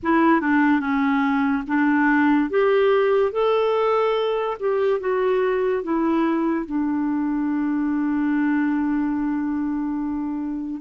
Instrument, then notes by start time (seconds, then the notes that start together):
clarinet
0.02 E4
0.41 D4
0.80 C#4
1.67 D4
2.50 G4
3.32 A4
4.59 G4
5.00 F#4
5.83 E4
6.66 D4